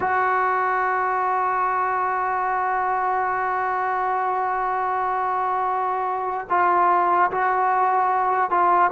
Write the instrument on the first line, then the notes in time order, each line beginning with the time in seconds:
trombone
0.00 F#4
6.49 F4
7.31 F#4
8.50 F4